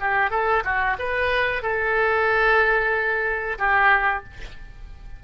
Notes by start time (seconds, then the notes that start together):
0.00 G4
0.31 A4
0.64 F#4
0.99 B4
1.62 A4
3.58 G4